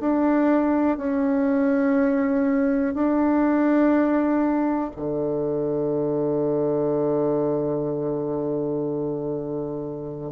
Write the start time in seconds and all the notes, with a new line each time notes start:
0.00 D4
0.97 C#4
2.94 D4
4.96 D3